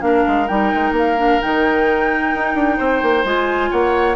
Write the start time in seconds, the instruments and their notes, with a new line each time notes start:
0.00 bassoon A#3, clarinet D4, oboe A#4, flute F5
0.27 bassoon G#3
0.47 bassoon G3, clarinet D#4, flute G5
0.74 bassoon G#3
0.91 bassoon A#3
0.98 flute F5
1.17 clarinet D4
1.41 bassoon D#3, clarinet D#4, flute G5
2.34 bassoon D#4
2.54 bassoon D4
2.77 bassoon C4, oboe C5
3.02 bassoon A#3
3.24 bassoon G#3, clarinet F4, flute G#5
3.70 bassoon A#3, oboe C#5, flute F#5